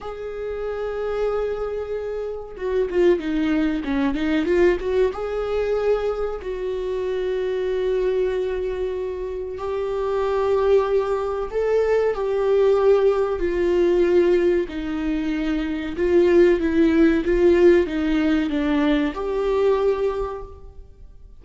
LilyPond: \new Staff \with { instrumentName = "viola" } { \time 4/4 \tempo 4 = 94 gis'1 | fis'8 f'8 dis'4 cis'8 dis'8 f'8 fis'8 | gis'2 fis'2~ | fis'2. g'4~ |
g'2 a'4 g'4~ | g'4 f'2 dis'4~ | dis'4 f'4 e'4 f'4 | dis'4 d'4 g'2 | }